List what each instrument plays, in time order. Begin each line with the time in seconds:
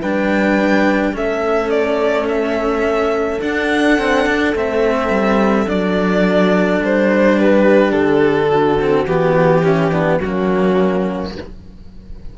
0.00 cello G3 D4, horn B4, violin G5
1.12 cello A3 C#4, horn A4, violin E5
1.70 violin D5
2.28 violin E5
3.39 cello D4, violin F#5
3.98 cello C4
4.26 cello D4
4.52 cello A3 C4, violin E5
5.09 cello G3
5.66 cello F#3 D4, violin D5
6.80 cello G3, violin C5
7.39 horn G4, violin B4
7.92 cello D3, violin A4
8.49 horn F#4
8.79 cello C4
9.05 cello E3 B3, violin G4
9.63 cello C#4, horn E4
9.91 cello B3, horn D4
10.19 cello F#3 A#3, horn C#4, violin F#4